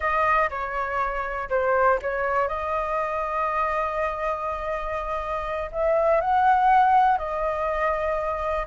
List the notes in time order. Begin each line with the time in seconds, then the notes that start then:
0.00 D#5
0.50 C#5
1.49 C5
2.02 C#5
2.48 D#5
5.72 E5
6.21 F#5
7.18 D#5